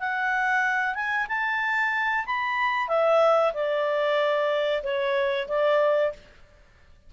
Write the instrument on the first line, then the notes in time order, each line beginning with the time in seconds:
clarinet
0.00 F#5
0.95 G#5
1.28 A5
2.26 B5
2.89 E5
3.54 D5
4.84 C#5
5.48 D5